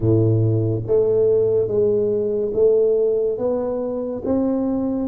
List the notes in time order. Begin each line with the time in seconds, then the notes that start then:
0.00 A2
0.86 A3
1.67 G#3
2.53 A3
3.38 B3
4.24 C4